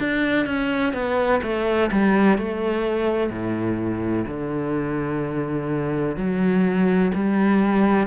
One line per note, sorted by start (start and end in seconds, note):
0.00 0.47 D4
0.47 0.94 C#4
0.94 1.42 B3
1.43 1.91 A3
1.92 2.39 G3
2.39 3.30 A3
3.30 4.26 A2
4.28 6.17 D3
6.17 7.12 F#3
7.15 8.08 G3